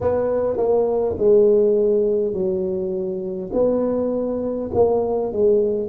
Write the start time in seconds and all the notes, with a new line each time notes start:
0.00 B3
0.56 A#3
1.18 G#3
2.33 F#3
3.52 B3
4.73 A#3
5.32 G#3